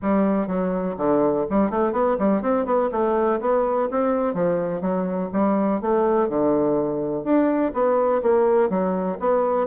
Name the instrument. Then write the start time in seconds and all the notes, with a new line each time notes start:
bassoon
0.02 G3
0.47 F#3
0.97 D3
1.50 G3
1.70 A3
1.92 B3
2.18 G3
2.41 C4
2.65 B3
2.91 A3
3.40 B3
3.90 C4
4.34 F3
4.81 F#3
5.32 G3
5.81 A3
6.28 D3
7.24 D4
7.73 B3
8.22 A#3
8.69 F#3
9.19 B3